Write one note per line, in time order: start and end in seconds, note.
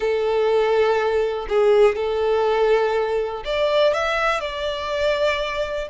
0.00 1.46 A4
1.49 1.95 G#4
1.95 3.43 A4
3.44 3.93 D5
3.93 4.40 E5
4.40 5.88 D5